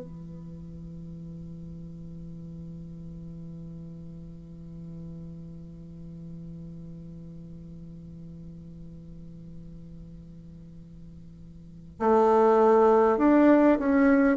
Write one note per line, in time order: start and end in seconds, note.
0.00 11.99 E3
11.99 13.18 A3
13.18 13.78 D4
13.79 14.37 C#4